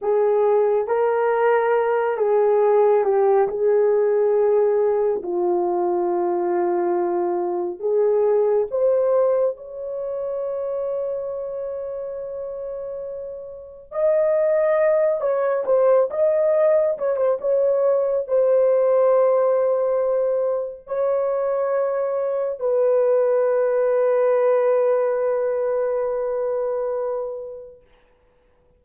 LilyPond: \new Staff \with { instrumentName = "horn" } { \time 4/4 \tempo 4 = 69 gis'4 ais'4. gis'4 g'8 | gis'2 f'2~ | f'4 gis'4 c''4 cis''4~ | cis''1 |
dis''4. cis''8 c''8 dis''4 cis''16 c''16 | cis''4 c''2. | cis''2 b'2~ | b'1 | }